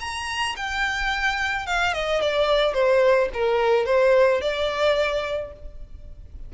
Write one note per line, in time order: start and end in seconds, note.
0.00 0.56 A#5
0.56 1.66 G5
1.66 1.93 F5
1.93 2.21 D#5
2.21 2.73 D5
2.73 3.29 C5
3.33 3.86 A#4
3.86 4.41 C5
4.41 5.52 D5